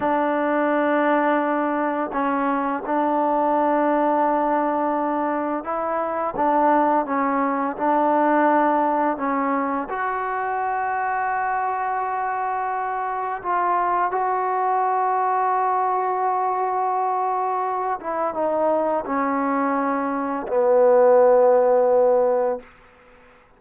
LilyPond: \new Staff \with { instrumentName = "trombone" } { \time 4/4 \tempo 4 = 85 d'2. cis'4 | d'1 | e'4 d'4 cis'4 d'4~ | d'4 cis'4 fis'2~ |
fis'2. f'4 | fis'1~ | fis'4. e'8 dis'4 cis'4~ | cis'4 b2. | }